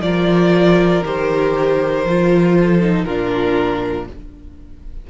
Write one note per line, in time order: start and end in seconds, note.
0.00 1.02 F3
0.00 1.04 F4
0.00 2.58 A#4
0.00 1.03 D5
1.04 2.05 D#3
1.04 2.06 G4
1.04 3.04 C5
2.05 3.05 F3
2.05 2.82 F4
2.58 3.06 A4
2.82 3.07 D#4
3.04 4.07 A#2
3.04 4.10 D4
3.04 4.07 F4
3.04 4.06 A#4